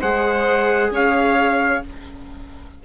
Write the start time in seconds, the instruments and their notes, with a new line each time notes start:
0.00 bassoon G#3, viola G#4, violin C5, trumpet F#5
0.91 bassoon C#4, violin C#5, trumpet F5